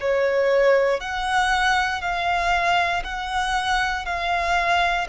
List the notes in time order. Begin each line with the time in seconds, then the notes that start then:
0.00 C#5
1.00 F#5
2.02 F5
3.04 F#5
4.05 F5